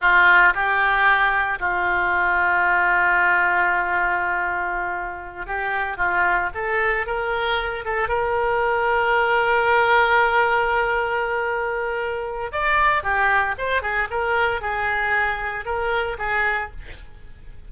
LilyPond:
\new Staff \with { instrumentName = "oboe" } { \time 4/4 \tempo 4 = 115 f'4 g'2 f'4~ | f'1~ | f'2~ f'8 g'4 f'8~ | f'8 a'4 ais'4. a'8 ais'8~ |
ais'1~ | ais'1 | d''4 g'4 c''8 gis'8 ais'4 | gis'2 ais'4 gis'4 | }